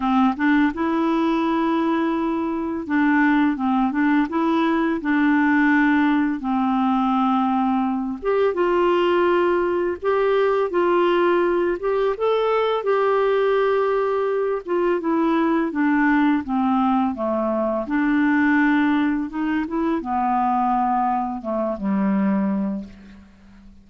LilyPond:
\new Staff \with { instrumentName = "clarinet" } { \time 4/4 \tempo 4 = 84 c'8 d'8 e'2. | d'4 c'8 d'8 e'4 d'4~ | d'4 c'2~ c'8 g'8 | f'2 g'4 f'4~ |
f'8 g'8 a'4 g'2~ | g'8 f'8 e'4 d'4 c'4 | a4 d'2 dis'8 e'8 | b2 a8 g4. | }